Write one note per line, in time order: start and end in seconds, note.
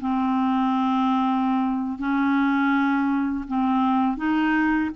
0.00 1.98 C4
1.98 3.45 C#4
3.48 4.17 C4
4.17 4.90 D#4